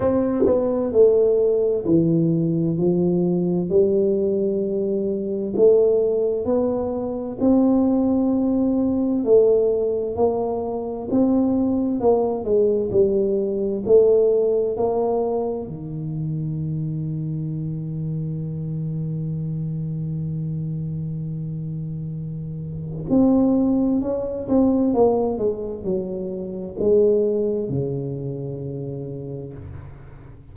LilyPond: \new Staff \with { instrumentName = "tuba" } { \time 4/4 \tempo 4 = 65 c'8 b8 a4 e4 f4 | g2 a4 b4 | c'2 a4 ais4 | c'4 ais8 gis8 g4 a4 |
ais4 dis2.~ | dis1~ | dis4 c'4 cis'8 c'8 ais8 gis8 | fis4 gis4 cis2 | }